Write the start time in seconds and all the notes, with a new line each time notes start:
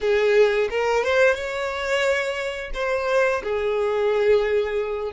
0.00 G#4
0.69 A#4
1.04 C5
1.34 C#5
2.74 C5
3.43 G#4